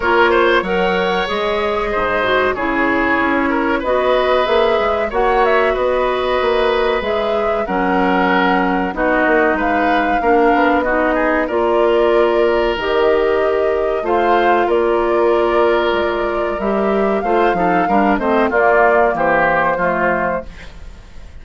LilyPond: <<
  \new Staff \with { instrumentName = "flute" } { \time 4/4 \tempo 4 = 94 cis''4 fis''4 dis''2 | cis''2 dis''4 e''4 | fis''8 e''8 dis''2 e''4 | fis''2 dis''4 f''4~ |
f''4 dis''4 d''2 | dis''2 f''4 d''4~ | d''2 e''4 f''4~ | f''8 dis''8 d''4 c''2 | }
  \new Staff \with { instrumentName = "oboe" } { \time 4/4 ais'8 c''8 cis''2 c''4 | gis'4. ais'8 b'2 | cis''4 b'2. | ais'2 fis'4 b'4 |
ais'4 fis'8 gis'8 ais'2~ | ais'2 c''4 ais'4~ | ais'2. c''8 a'8 | ais'8 c''8 f'4 g'4 f'4 | }
  \new Staff \with { instrumentName = "clarinet" } { \time 4/4 f'4 ais'4 gis'4. fis'8 | e'2 fis'4 gis'4 | fis'2. gis'4 | cis'2 dis'2 |
d'4 dis'4 f'2 | g'2 f'2~ | f'2 g'4 f'8 dis'8 | d'8 c'8 ais2 a4 | }
  \new Staff \with { instrumentName = "bassoon" } { \time 4/4 ais4 fis4 gis4 gis,4 | cis4 cis'4 b4 ais8 gis8 | ais4 b4 ais4 gis4 | fis2 b8 ais8 gis4 |
ais8 b4. ais2 | dis2 a4 ais4~ | ais4 gis4 g4 a8 f8 | g8 a8 ais4 e4 f4 | }
>>